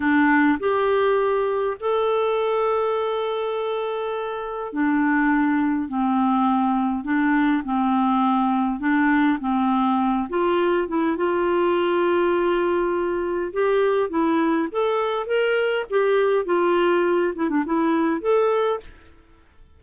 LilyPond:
\new Staff \with { instrumentName = "clarinet" } { \time 4/4 \tempo 4 = 102 d'4 g'2 a'4~ | a'1 | d'2 c'2 | d'4 c'2 d'4 |
c'4. f'4 e'8 f'4~ | f'2. g'4 | e'4 a'4 ais'4 g'4 | f'4. e'16 d'16 e'4 a'4 | }